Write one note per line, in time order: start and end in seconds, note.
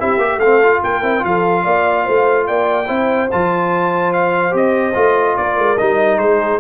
0.00 0.18 C4
0.00 0.20 E4
0.00 0.41 G4
0.00 0.40 E5
0.18 0.38 A#3
0.18 0.41 G4
0.38 0.79 A3
0.38 0.83 A4
0.38 0.81 F5
0.45 0.63 C4
0.63 1.03 F4
0.84 1.03 A#3
0.84 1.26 A#4
0.84 1.25 G5
1.03 1.24 C4
1.03 1.20 E4
1.20 1.66 F3
1.20 2.85 F4
1.20 2.48 F5
1.27 1.64 A4
1.64 2.07 A#3
1.64 2.05 D5
2.05 2.50 A3
2.05 2.46 C5
2.48 2.90 A#3
2.48 2.88 D5
2.48 3.30 G5
2.88 3.31 C4
2.88 3.29 E4
2.88 5.36 C5
3.31 4.54 F3
3.31 4.52 F4
3.31 4.13 A5
4.13 4.55 F5
4.52 4.96 C4
4.52 4.93 G4
4.52 5.37 D#5
4.95 5.37 A3
4.95 5.77 F4
5.37 5.58 A#3
5.37 6.21 A#4
5.37 5.78 D5
5.58 5.79 G#3
5.78 6.18 G3
5.78 6.61 D#4
5.78 6.19 D#5
6.18 6.60 G#3
6.18 6.61 G#4
6.18 6.60 C5